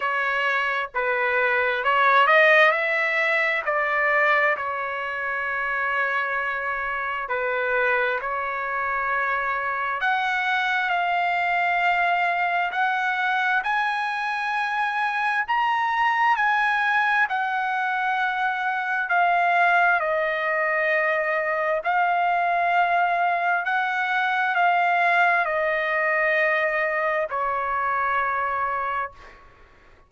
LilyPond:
\new Staff \with { instrumentName = "trumpet" } { \time 4/4 \tempo 4 = 66 cis''4 b'4 cis''8 dis''8 e''4 | d''4 cis''2. | b'4 cis''2 fis''4 | f''2 fis''4 gis''4~ |
gis''4 ais''4 gis''4 fis''4~ | fis''4 f''4 dis''2 | f''2 fis''4 f''4 | dis''2 cis''2 | }